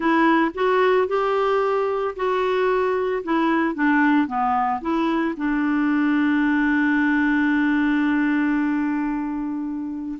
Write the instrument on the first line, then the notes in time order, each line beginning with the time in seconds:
clarinet
0.00 E4
0.54 F#4
1.07 G4
2.16 F#4
3.23 E4
3.74 D4
4.27 B3
4.81 E4
5.36 D4